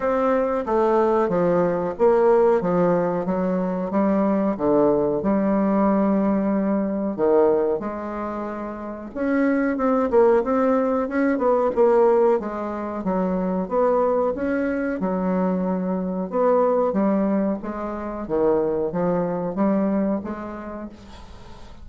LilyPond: \new Staff \with { instrumentName = "bassoon" } { \time 4/4 \tempo 4 = 92 c'4 a4 f4 ais4 | f4 fis4 g4 d4 | g2. dis4 | gis2 cis'4 c'8 ais8 |
c'4 cis'8 b8 ais4 gis4 | fis4 b4 cis'4 fis4~ | fis4 b4 g4 gis4 | dis4 f4 g4 gis4 | }